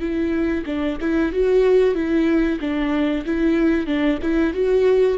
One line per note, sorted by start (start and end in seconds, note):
0.00 0.65 E4
0.66 0.99 D4
1.01 1.33 E4
1.33 1.95 F#4
1.95 2.60 E4
2.61 3.25 D4
3.26 3.87 E4
3.87 4.19 D4
4.22 4.54 E4
4.54 5.18 F#4